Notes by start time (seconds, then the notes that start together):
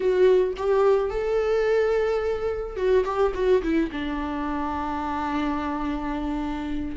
0.00 F#4
0.57 G4
1.10 A4
2.76 F#4
3.04 G4
3.34 F#4
3.62 E4
3.91 D4